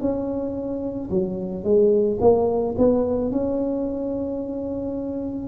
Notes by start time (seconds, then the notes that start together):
0.00 C#4
1.10 F#3
1.64 G#3
2.21 A#3
2.78 B3
3.32 C#4